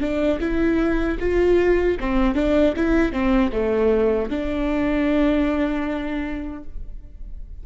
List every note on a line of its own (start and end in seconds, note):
0.00 0.39 D4
0.40 1.18 E4
1.20 1.98 F4
2.00 2.35 C4
2.35 2.74 D4
2.76 3.12 E4
3.12 3.51 C4
3.52 4.30 A3
4.30 6.64 D4